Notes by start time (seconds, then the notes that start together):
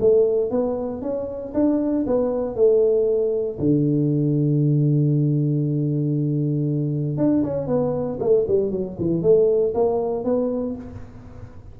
0.00 A3
0.51 B3
1.02 C#4
1.54 D4
2.07 B3
2.55 A3
3.59 D3
7.17 D4
7.44 C#4
7.67 B3
8.20 A3
8.48 G3
8.71 F#3
8.99 E3
9.22 A3
9.74 A#3
10.24 B3